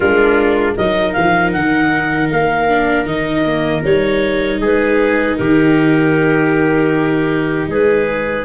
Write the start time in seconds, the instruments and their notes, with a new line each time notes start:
0.00 tuba G#3, viola D4, trumpet F4, clarinet A#4
0.76 tuba F#3, viola D#4, trumpet A#4, clarinet D#5
1.12 tuba F3, clarinet F5
1.52 tuba D#3, clarinet F#5
2.30 tuba A#3, clarinet F5
2.69 viola D4
3.05 tuba D#3, viola D#4, clarinet D#5
3.46 viola A#3
3.83 tuba G3, viola D#4, clarinet C#5
4.59 tuba G#3, trumpet G#4, clarinet B4
5.36 tuba D#3, trumpet G4, clarinet A#4
7.67 tuba G#3, trumpet G#4, clarinet B4